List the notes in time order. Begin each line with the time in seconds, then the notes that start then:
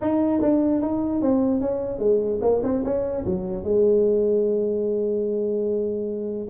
0.01 D#4
0.41 D4
0.81 D#4
1.21 C4
1.61 C#4
1.98 G#3
2.41 A#3
2.63 C4
2.84 C#4
3.25 F#3
3.63 G#3